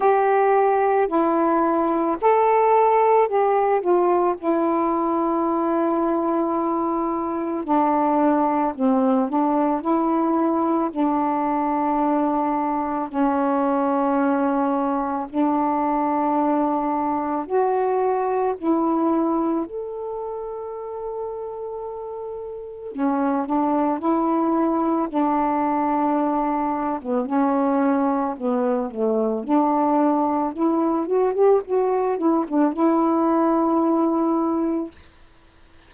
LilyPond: \new Staff \with { instrumentName = "saxophone" } { \time 4/4 \tempo 4 = 55 g'4 e'4 a'4 g'8 f'8 | e'2. d'4 | c'8 d'8 e'4 d'2 | cis'2 d'2 |
fis'4 e'4 a'2~ | a'4 cis'8 d'8 e'4 d'4~ | d'8. b16 cis'4 b8 a8 d'4 | e'8 fis'16 g'16 fis'8 e'16 d'16 e'2 | }